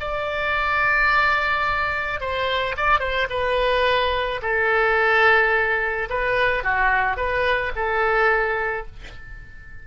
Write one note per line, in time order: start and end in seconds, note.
0.00 2.20 D5
2.20 2.76 C5
2.77 2.99 D5
2.99 3.27 C5
3.30 4.41 B4
4.42 6.09 A4
6.10 6.64 B4
6.64 7.17 F#4
7.17 7.72 B4
7.75 8.86 A4